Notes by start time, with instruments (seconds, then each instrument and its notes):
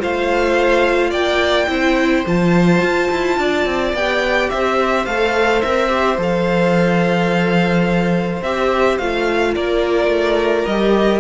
0.00 cello A3, viola F4, violin C5 F5
1.10 cello A#3, violin D5 G5
1.68 cello C4, viola E4, violin C5
2.27 cello F3, viola F4, violin A5
2.82 cello F4
3.11 cello E4
3.38 cello D4, violin D5
3.66 cello C4
3.93 cello B3, viola G4, violin G5
4.50 cello C4, violin C5 E5
5.06 cello A3, viola A4, violin F5
5.62 cello C4, viola A#4, violin E5
5.88 viola G4
6.18 cello F3, viola A4, violin F5
8.43 cello C4, viola G4, violin E5
8.98 cello A3, viola F4, violin F5
9.54 cello A#3, violin A#4 D5
10.08 cello A3
10.66 cello G3, viola G4, violin D#5